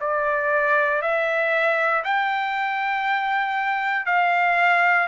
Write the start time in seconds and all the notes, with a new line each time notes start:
0.00 D5
1.02 E5
2.04 G5
4.05 F5